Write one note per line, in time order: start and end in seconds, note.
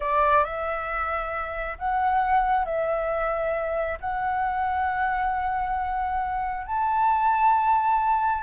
0.00 0.44 D5
0.44 1.77 E5
1.78 2.65 F#5
2.65 3.98 E5
4.00 6.66 F#5
6.66 8.43 A5